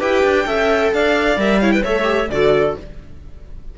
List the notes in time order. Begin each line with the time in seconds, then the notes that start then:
0.00 E4 G4 B4 G5
0.24 D4
0.47 C#4 A4 E5
0.93 D4 D5 F5
1.37 G3 A#4 E5
1.61 E4 C#5 F5
1.72 B4 G5
1.83 A3 A4 C#5 E5
2.03 G4
2.30 D3 F#4 A4 D5